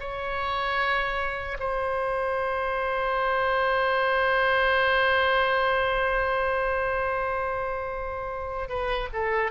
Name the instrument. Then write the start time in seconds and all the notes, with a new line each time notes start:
oboe
0.00 C#5
1.60 C5
8.69 B4
9.13 A4